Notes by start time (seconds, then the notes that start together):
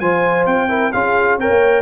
0.00 F3 F4 C5 G#5
0.47 C4 G5
0.69 E4 A#4
0.92 C#4 F4 G#4 F5
1.38 C4 A#4 C#5 G5
1.50 A#3